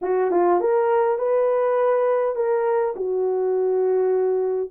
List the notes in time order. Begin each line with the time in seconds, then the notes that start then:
0.01 F#4
0.30 F4
0.60 A#4
1.18 B4
2.35 A#4
2.96 F#4